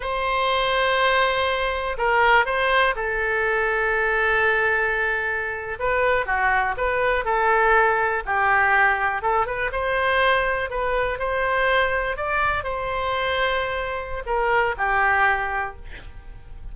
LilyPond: \new Staff \with { instrumentName = "oboe" } { \time 4/4 \tempo 4 = 122 c''1 | ais'4 c''4 a'2~ | a'2.~ a'8. b'16~ | b'8. fis'4 b'4 a'4~ a'16~ |
a'8. g'2 a'8 b'8 c''16~ | c''4.~ c''16 b'4 c''4~ c''16~ | c''8. d''4 c''2~ c''16~ | c''4 ais'4 g'2 | }